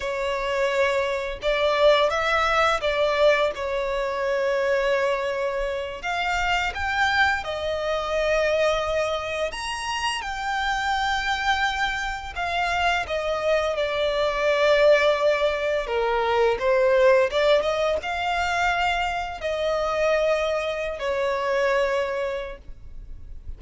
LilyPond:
\new Staff \with { instrumentName = "violin" } { \time 4/4 \tempo 4 = 85 cis''2 d''4 e''4 | d''4 cis''2.~ | cis''8 f''4 g''4 dis''4.~ | dis''4. ais''4 g''4.~ |
g''4. f''4 dis''4 d''8~ | d''2~ d''8 ais'4 c''8~ | c''8 d''8 dis''8 f''2 dis''8~ | dis''4.~ dis''16 cis''2~ cis''16 | }